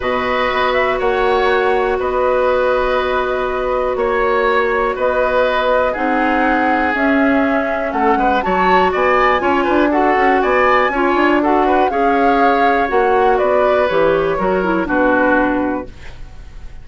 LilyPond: <<
  \new Staff \with { instrumentName = "flute" } { \time 4/4 \tempo 4 = 121 dis''4. e''8 fis''2 | dis''1 | cis''2 dis''2 | fis''2 e''2 |
fis''4 a''4 gis''2 | fis''4 gis''2 fis''4 | f''2 fis''4 d''4 | cis''2 b'2 | }
  \new Staff \with { instrumentName = "oboe" } { \time 4/4 b'2 cis''2 | b'1 | cis''2 b'2 | gis'1 |
a'8 b'8 cis''4 d''4 cis''8 b'8 | a'4 d''4 cis''4 a'8 b'8 | cis''2. b'4~ | b'4 ais'4 fis'2 | }
  \new Staff \with { instrumentName = "clarinet" } { \time 4/4 fis'1~ | fis'1~ | fis'1 | dis'2 cis'2~ |
cis'4 fis'2 f'4 | fis'2 f'4 fis'4 | gis'2 fis'2 | g'4 fis'8 e'8 d'2 | }
  \new Staff \with { instrumentName = "bassoon" } { \time 4/4 b,4 b4 ais2 | b1 | ais2 b2 | c'2 cis'2 |
a8 gis8 fis4 b4 cis'8 d'8~ | d'8 cis'8 b4 cis'8 d'4. | cis'2 ais4 b4 | e4 fis4 b,2 | }
>>